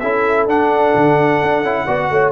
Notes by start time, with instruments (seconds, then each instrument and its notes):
0.00 tuba C#4, trombone E4, horn A4, trumpet E5
0.47 tuba D4, trombone D4, trumpet F#5
0.95 tuba D3
1.42 tuba D4
1.63 tuba C#4, trombone E4
1.86 tuba B3, trombone F#4, horn D5
2.11 tuba A3, horn C#5